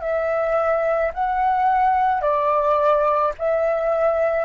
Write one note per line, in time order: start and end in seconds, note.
0.00 1.11 E5
1.14 2.21 F#5
2.21 3.32 D5
3.38 4.45 E5